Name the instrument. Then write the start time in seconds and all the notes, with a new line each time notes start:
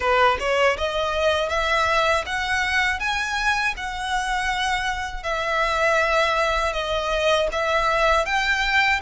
violin
0.00 B4
0.39 C#5
0.77 D#5
1.49 E5
2.26 F#5
2.99 G#5
3.76 F#5
5.23 E5
6.73 D#5
7.52 E5
8.25 G5